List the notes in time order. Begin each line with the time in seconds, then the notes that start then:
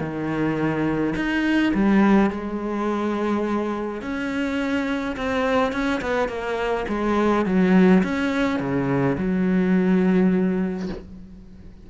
0.00 D#3
1.15 D#4
1.74 G3
2.30 G#3
4.01 C#4
5.16 C4
5.72 C#4
6.01 B3
6.28 A#3
6.88 G#3
7.45 F#3
8.03 C#4
8.59 C#3
9.17 F#3